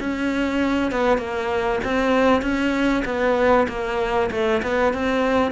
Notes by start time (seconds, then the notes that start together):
0.00 C#4
0.91 B3
1.18 A#3
1.84 C4
2.42 C#4
3.05 B3
3.68 A#3
4.31 A3
4.63 B3
4.93 C4